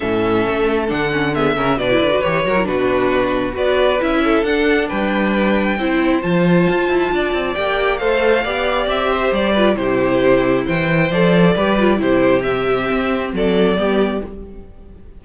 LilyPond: <<
  \new Staff \with { instrumentName = "violin" } { \time 4/4 \tempo 4 = 135 e''2 fis''4 e''4 | d''4 cis''4 b'2 | d''4 e''4 fis''4 g''4~ | g''2 a''2~ |
a''4 g''4 f''2 | e''4 d''4 c''2 | g''4 d''2 c''4 | e''2 d''2 | }
  \new Staff \with { instrumentName = "violin" } { \time 4/4 a'2. gis'8 ais'8 | b'4. ais'8 fis'2 | b'4. a'4. b'4~ | b'4 c''2. |
d''2 c''4 d''4~ | d''8 c''4 b'8 g'2 | c''2 b'4 g'4~ | g'2 a'4 g'4 | }
  \new Staff \with { instrumentName = "viola" } { \time 4/4 cis'2 d'8 cis'8 b8 cis'8 | d'16 e'8 fis'16 g'8 fis'16 e'16 d'2 | fis'4 e'4 d'2~ | d'4 e'4 f'2~ |
f'4 g'4 a'4 g'4~ | g'4. f'8 e'2~ | e'4 a'4 g'8 f'8 e'4 | c'2. b4 | }
  \new Staff \with { instrumentName = "cello" } { \time 4/4 a,4 a4 d4. cis8 | b,8 d8 e8 fis8 b,2 | b4 cis'4 d'4 g4~ | g4 c'4 f4 f'8 e'8 |
d'8 c'8 ais4 a4 b4 | c'4 g4 c2 | e4 f4 g4 c4~ | c4 c'4 fis4 g4 | }
>>